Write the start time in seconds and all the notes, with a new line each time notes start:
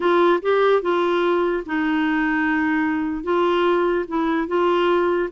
0.00 F4
0.41 G4
0.81 F4
1.66 D#4
3.23 F4
4.08 E4
4.47 F4